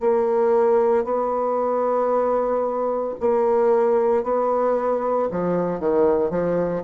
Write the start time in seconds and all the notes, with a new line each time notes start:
0.00 A#3
1.04 B3
3.20 A#3
4.23 B3
5.31 F3
5.80 D#3
6.30 F3